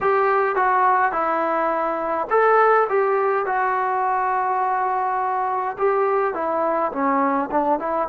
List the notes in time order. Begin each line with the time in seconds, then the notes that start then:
0.01 G4
0.55 F#4
1.12 E4
2.30 A4
2.89 G4
3.46 F#4
5.77 G4
6.34 E4
6.92 C#4
7.51 D4
7.79 E4